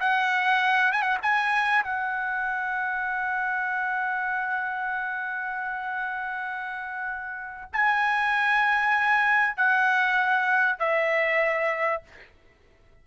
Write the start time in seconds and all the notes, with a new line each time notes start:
0.00 F#5
0.93 G#5
1.03 F#5
1.23 G#5
1.84 F#5
7.73 G#5
9.57 F#5
10.79 E5